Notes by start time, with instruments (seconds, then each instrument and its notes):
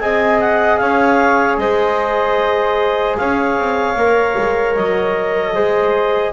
0.00 double bass C4, trombone G#4, flute D#5, clarinet G#5
0.40 clarinet F#5
0.78 double bass C#4, flute C#5, clarinet F5
1.58 double bass G#3, flute C5, clarinet D#5
3.17 double bass C#4, flute C#5, clarinet F5
3.59 double bass C4
3.96 double bass A#3, trombone A#4
4.38 double bass G#3
4.76 double bass F#3, clarinet D#5
5.55 double bass G#3, trombone G#4, flute C5